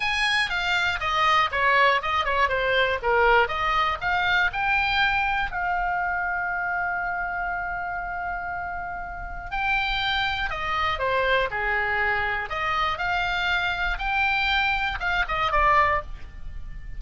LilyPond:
\new Staff \with { instrumentName = "oboe" } { \time 4/4 \tempo 4 = 120 gis''4 f''4 dis''4 cis''4 | dis''8 cis''8 c''4 ais'4 dis''4 | f''4 g''2 f''4~ | f''1~ |
f''2. g''4~ | g''4 dis''4 c''4 gis'4~ | gis'4 dis''4 f''2 | g''2 f''8 dis''8 d''4 | }